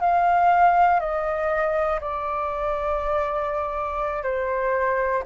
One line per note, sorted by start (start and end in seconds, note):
0.00 1.00 F5
1.00 2.00 D#5
2.00 4.23 D5
4.23 5.23 C5